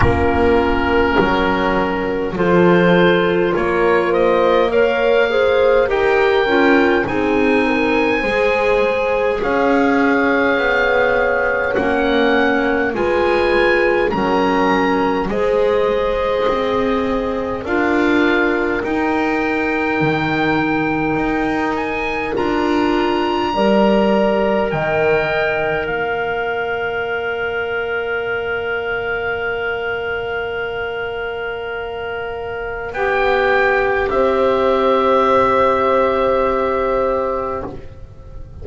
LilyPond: <<
  \new Staff \with { instrumentName = "oboe" } { \time 4/4 \tempo 4 = 51 ais'2 c''4 cis''8 dis''8 | f''4 g''4 gis''2 | f''2 fis''4 gis''4 | ais''4 dis''2 f''4 |
g''2~ g''8 gis''8 ais''4~ | ais''4 g''4 f''2~ | f''1 | g''4 e''2. | }
  \new Staff \with { instrumentName = "horn" } { \time 4/4 f'4 ais'4 a'4 ais'8 c''8 | cis''8 c''8 ais'4 gis'8 ais'8 c''4 | cis''2. b'4 | ais'4 c''2 ais'4~ |
ais'1 | d''4 dis''4 d''2~ | d''1~ | d''4 c''2. | }
  \new Staff \with { instrumentName = "clarinet" } { \time 4/4 cis'2 f'2 | ais'8 gis'8 g'8 f'8 dis'4 gis'4~ | gis'2 cis'4 f'4 | cis'4 gis'2 f'4 |
dis'2. f'4 | ais'1~ | ais'1 | g'1 | }
  \new Staff \with { instrumentName = "double bass" } { \time 4/4 ais4 fis4 f4 ais4~ | ais4 dis'8 cis'8 c'4 gis4 | cis'4 b4 ais4 gis4 | fis4 gis4 c'4 d'4 |
dis'4 dis4 dis'4 d'4 | g4 dis4 ais2~ | ais1 | b4 c'2. | }
>>